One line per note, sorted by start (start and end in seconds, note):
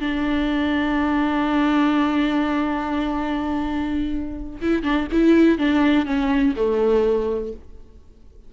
0.00 4.60 D4
4.61 4.83 E4
4.83 5.07 D4
5.11 5.58 E4
5.58 6.05 D4
6.05 6.54 C#4
6.56 7.53 A3